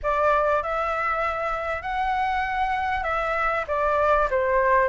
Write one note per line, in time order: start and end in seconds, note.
0.03 0.63 D5
0.63 1.82 E5
1.82 3.03 F#5
3.03 3.65 E5
3.67 4.28 D5
4.30 4.88 C5